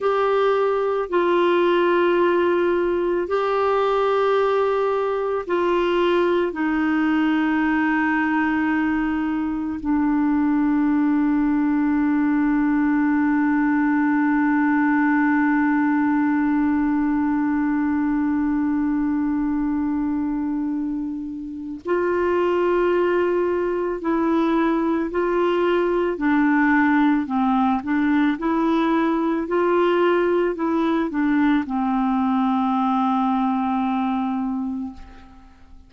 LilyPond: \new Staff \with { instrumentName = "clarinet" } { \time 4/4 \tempo 4 = 55 g'4 f'2 g'4~ | g'4 f'4 dis'2~ | dis'4 d'2.~ | d'1~ |
d'1 | f'2 e'4 f'4 | d'4 c'8 d'8 e'4 f'4 | e'8 d'8 c'2. | }